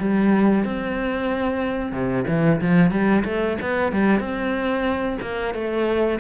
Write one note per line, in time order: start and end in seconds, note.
0.00 0.65 G3
0.65 1.92 C4
1.92 2.25 C3
2.28 2.61 E3
2.61 2.92 F3
2.92 3.24 G3
3.25 3.58 A3
3.62 3.93 B3
3.93 4.20 G3
4.20 5.18 C4
5.22 5.54 A#3
5.54 6.20 A3